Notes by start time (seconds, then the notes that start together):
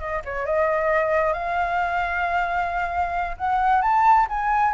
0.00 D#5
0.25 C#5
0.46 D#5
1.34 F5
3.38 F#5
3.82 A5
4.30 G#5